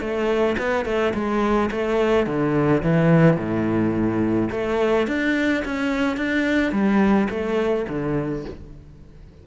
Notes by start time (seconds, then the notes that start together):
0.00 A3
0.58 B3
0.85 A3
1.13 G#3
1.71 A3
2.26 D3
2.82 E3
3.36 A2
4.51 A3
5.07 D4
5.64 C#4
6.17 D4
6.72 G3
7.29 A3
7.88 D3